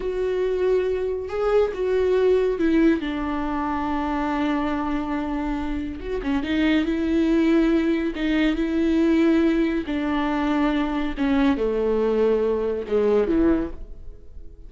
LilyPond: \new Staff \with { instrumentName = "viola" } { \time 4/4 \tempo 4 = 140 fis'2. gis'4 | fis'2 e'4 d'4~ | d'1~ | d'2 fis'8 cis'8 dis'4 |
e'2. dis'4 | e'2. d'4~ | d'2 cis'4 a4~ | a2 gis4 e4 | }